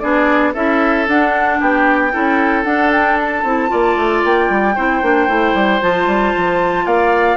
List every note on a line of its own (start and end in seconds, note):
0.00 0.55 B3
0.00 0.54 D4
0.00 0.54 G#4
0.00 0.53 D5
0.54 1.08 C#4
0.54 1.07 E4
0.54 1.59 A4
0.54 1.07 E5
1.08 1.60 D4
1.08 2.12 D4
1.08 1.61 F#5
1.60 2.14 B3
1.60 2.13 G4
1.60 2.64 G5
2.12 2.65 C#4
2.12 2.65 E4
2.12 3.71 A4
2.64 3.44 D4
2.64 2.91 F#5
2.92 3.19 G5
3.21 4.25 A5
3.44 3.70 C4
3.44 3.69 E4
3.69 3.97 A#3
3.69 4.74 F4
3.69 4.75 D5
3.97 4.23 A3
4.25 4.50 A#3
4.25 5.83 G5
4.50 4.76 G3
4.75 5.02 C4
4.75 5.03 E4
4.75 6.86 C5
5.02 5.28 A#3
5.02 5.28 D4
5.28 5.54 A3
5.28 5.81 E4
5.54 5.81 G3
5.82 6.07 F3
5.82 7.37 F4
5.82 6.87 A5
6.07 6.33 G3
6.37 6.86 F3
6.86 7.37 A#3
6.86 7.37 D5
6.86 7.37 F5